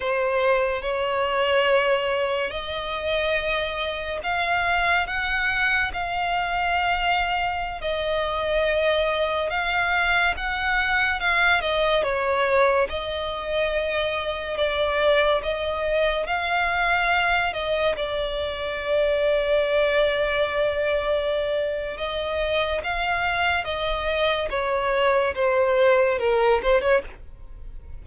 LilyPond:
\new Staff \with { instrumentName = "violin" } { \time 4/4 \tempo 4 = 71 c''4 cis''2 dis''4~ | dis''4 f''4 fis''4 f''4~ | f''4~ f''16 dis''2 f''8.~ | f''16 fis''4 f''8 dis''8 cis''4 dis''8.~ |
dis''4~ dis''16 d''4 dis''4 f''8.~ | f''8. dis''8 d''2~ d''8.~ | d''2 dis''4 f''4 | dis''4 cis''4 c''4 ais'8 c''16 cis''16 | }